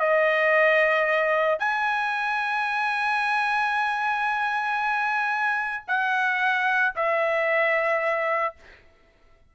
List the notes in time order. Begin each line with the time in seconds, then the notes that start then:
0.00 D#5
1.60 G#5
5.88 F#5
6.96 E5